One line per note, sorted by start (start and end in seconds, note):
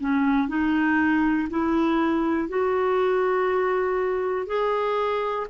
0.00 0.48 C#4
0.48 1.48 D#4
1.50 2.49 E4
2.49 4.47 F#4
4.47 5.47 G#4